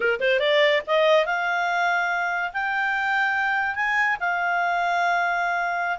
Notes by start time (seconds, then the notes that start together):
0.00 A#4
0.19 C5
0.39 D5
0.86 D#5
1.25 F5
2.53 G5
3.75 G#5
4.20 F5